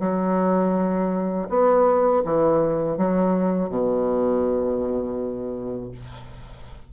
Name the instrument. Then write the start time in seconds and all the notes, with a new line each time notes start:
bassoon
0.00 F#3
1.49 B3
2.25 E3
2.98 F#3
3.69 B2